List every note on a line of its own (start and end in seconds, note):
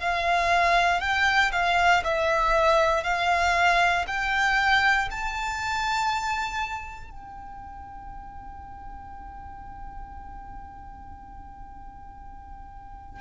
0.00 1.00 F5
1.00 1.51 G5
1.52 2.03 F5
2.04 3.03 E5
3.03 4.05 F5
4.07 5.08 G5
5.11 7.10 A5
7.10 13.20 G5